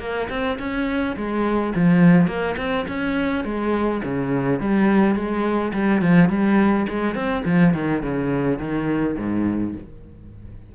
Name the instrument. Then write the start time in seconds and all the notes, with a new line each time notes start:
cello
0.00 A#3
0.30 C4
0.59 C#4
1.17 G#3
1.76 F3
2.28 A#3
2.58 C4
2.88 C#4
3.45 G#3
4.04 C#3
4.60 G3
5.16 G#3
5.74 G3
6.02 F3
6.30 G3
6.89 G#3
7.15 C4
7.46 F3
7.74 D#3
8.03 C#3
8.59 D#3
9.18 G#2